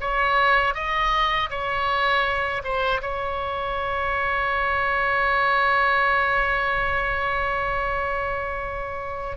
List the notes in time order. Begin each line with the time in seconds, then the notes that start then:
0.00 C#5
0.74 D#5
1.50 C#5
2.64 C5
3.01 C#5